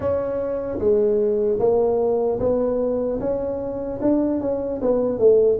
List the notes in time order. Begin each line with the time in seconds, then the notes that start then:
0.00 C#4
0.78 G#3
1.59 A#3
2.39 B3
3.20 C#4
4.01 D4
4.40 C#4
4.81 B3
5.19 A3